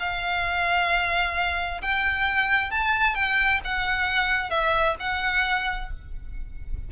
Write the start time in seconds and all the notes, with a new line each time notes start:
0.00 F5
1.82 G5
2.71 A5
3.15 G5
3.65 F#5
4.51 E5
5.00 F#5